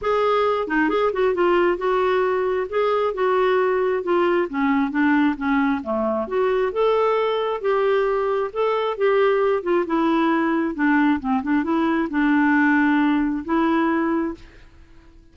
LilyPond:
\new Staff \with { instrumentName = "clarinet" } { \time 4/4 \tempo 4 = 134 gis'4. dis'8 gis'8 fis'8 f'4 | fis'2 gis'4 fis'4~ | fis'4 f'4 cis'4 d'4 | cis'4 a4 fis'4 a'4~ |
a'4 g'2 a'4 | g'4. f'8 e'2 | d'4 c'8 d'8 e'4 d'4~ | d'2 e'2 | }